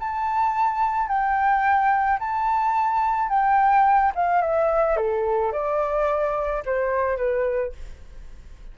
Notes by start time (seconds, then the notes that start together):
0.00 A5
1.08 G5
2.19 A5
3.29 G5
4.15 F5
4.41 E5
4.97 A4
5.52 D5
6.66 C5
7.17 B4